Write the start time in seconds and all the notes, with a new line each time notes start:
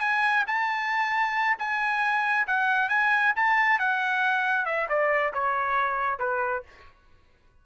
0.00 G#5
0.47 A5
1.58 G#5
2.47 F#5
2.89 G#5
3.36 A5
3.79 F#5
4.65 E5
4.89 D5
5.33 C#5
6.19 B4